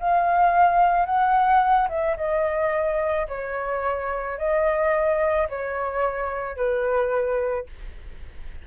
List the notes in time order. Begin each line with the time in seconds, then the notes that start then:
0.00 F5
1.06 F#5
1.89 E5
2.17 D#5
3.28 C#5
4.38 D#5
5.50 C#5
6.57 B4